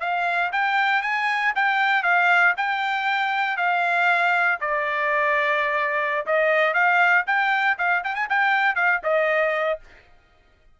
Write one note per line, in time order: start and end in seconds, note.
0.00 0.51 F5
0.52 1.02 G5
1.02 1.53 G#5
1.55 2.03 G5
2.03 2.54 F5
2.57 3.57 G5
3.57 4.58 F5
4.60 6.25 D5
6.26 6.73 D#5
6.73 7.24 F5
7.26 7.77 G5
7.78 8.03 F5
8.03 8.15 G5
8.15 8.27 G#5
8.29 8.75 G5
8.75 9.01 F5
9.03 9.79 D#5